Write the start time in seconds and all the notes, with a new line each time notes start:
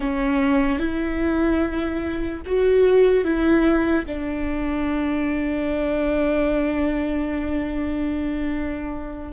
0.00 C#4
0.79 E4
2.45 F#4
3.24 E4
4.05 D4